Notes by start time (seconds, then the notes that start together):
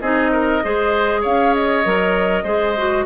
0.00 C4 D#4 G#4 D#5
0.32 A#4
0.63 G#3 G#4 C5
1.21 C#4 C#5 F5
1.54 D#5
1.85 F#3 A#4
2.43 G#3 G#4 C5
2.77 F#4